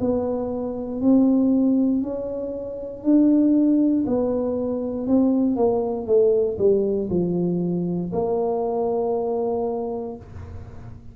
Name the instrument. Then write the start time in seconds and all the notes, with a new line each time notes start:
tuba
0.00 B3
1.01 C4
2.02 C#4
3.03 D4
4.07 B3
5.07 C4
5.56 A#3
6.06 A3
6.58 G3
7.10 F3
8.13 A#3